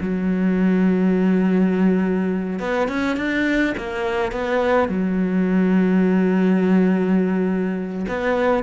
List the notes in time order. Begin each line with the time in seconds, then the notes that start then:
0.00 F#3
2.59 B3
2.88 C#4
3.16 D4
3.77 A#3
4.31 B3
4.88 F#3
8.08 B3